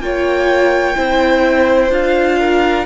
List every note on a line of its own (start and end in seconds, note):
0.00 0.95 A#3
0.00 0.96 F4
0.00 0.97 C#5
0.00 1.92 G5
0.96 1.90 C4
0.96 1.91 E4
0.96 2.39 C5
1.90 2.85 D4
1.90 2.86 F4
1.90 2.86 F5
2.39 2.86 A#4